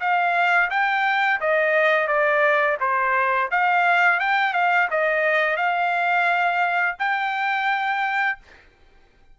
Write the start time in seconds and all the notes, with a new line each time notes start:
0.00 F5
0.70 G5
1.40 D#5
2.07 D5
2.80 C5
3.51 F5
4.20 G5
4.53 F5
4.90 D#5
5.57 F5
6.99 G5